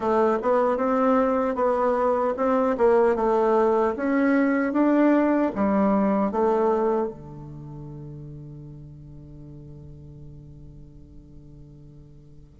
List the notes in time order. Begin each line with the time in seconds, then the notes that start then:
0.00 A3
0.42 B3
0.77 C4
1.55 B3
2.36 C4
2.77 A#3
3.15 A3
3.96 C#4
4.72 D4
5.55 G3
6.31 A3
7.08 D3